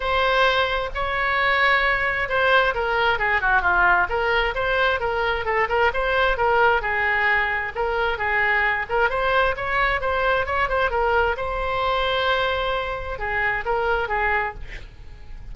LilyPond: \new Staff \with { instrumentName = "oboe" } { \time 4/4 \tempo 4 = 132 c''2 cis''2~ | cis''4 c''4 ais'4 gis'8 fis'8 | f'4 ais'4 c''4 ais'4 | a'8 ais'8 c''4 ais'4 gis'4~ |
gis'4 ais'4 gis'4. ais'8 | c''4 cis''4 c''4 cis''8 c''8 | ais'4 c''2.~ | c''4 gis'4 ais'4 gis'4 | }